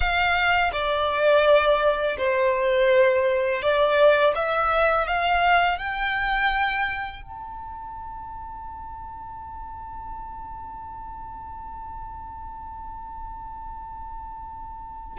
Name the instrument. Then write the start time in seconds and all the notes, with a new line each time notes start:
violin
0.00 F5
0.72 D5
2.17 C5
3.61 D5
4.35 E5
5.07 F5
5.78 G5
7.22 A5